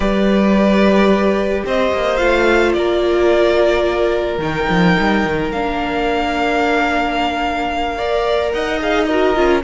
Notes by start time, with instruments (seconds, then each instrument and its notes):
0.00 cello G3, viola G4, violin B4 D5
1.65 cello C4, violin C5 D#5
1.93 cello A#3
2.17 cello A3, viola F4, violin F5
2.72 cello A#3, violin A#4 D5
4.38 cello D#3, viola D#4, violin G5
4.69 cello F3
4.99 cello G3
5.25 cello D#3
5.51 cello A#3, viola D4, violin F5
7.96 viola A#4, violin D5
8.51 cello D#4, violin D#5 F#5
8.80 viola G#4, violin F5
9.04 viola F#4, violin A#4 D#5
9.35 cello C#4, viola F4